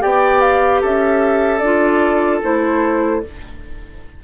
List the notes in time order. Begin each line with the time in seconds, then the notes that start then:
0.00 B3 G4 D5 G5
0.41 F5
0.81 C#4 A4 E5
1.59 D4 F4 D5
2.42 A3 E4 C5